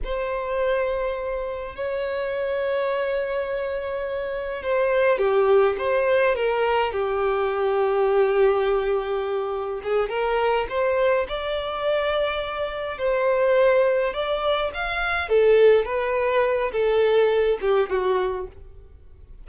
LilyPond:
\new Staff \with { instrumentName = "violin" } { \time 4/4 \tempo 4 = 104 c''2. cis''4~ | cis''1 | c''4 g'4 c''4 ais'4 | g'1~ |
g'4 gis'8 ais'4 c''4 d''8~ | d''2~ d''8 c''4.~ | c''8 d''4 f''4 a'4 b'8~ | b'4 a'4. g'8 fis'4 | }